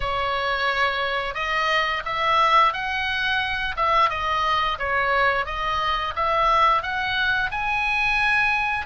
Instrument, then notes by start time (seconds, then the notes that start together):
oboe
0.00 C#5
1.34 D#5
2.05 E5
2.73 F#5
3.76 E5
4.09 D#5
4.78 C#5
5.45 D#5
6.15 E5
6.82 F#5
7.51 G#5